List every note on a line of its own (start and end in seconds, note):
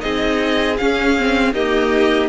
0.00 0.80 C4
0.00 0.76 D#4
0.00 1.54 G#4
0.00 0.77 D#5
0.78 1.18 C#4
0.78 1.53 C#4
0.78 1.54 F5
1.19 1.54 C4
1.53 2.30 A#3
1.53 2.29 D#4
1.53 2.30 G4
1.53 2.30 D#5